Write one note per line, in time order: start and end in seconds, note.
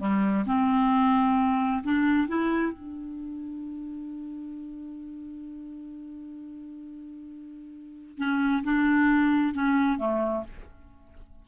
0.00 0.45 G3
0.47 1.83 C4
1.84 2.29 D4
2.29 2.73 E4
2.73 8.18 D4
8.18 8.64 C#4
8.64 9.55 D4
9.55 9.99 C#4
9.99 10.44 A3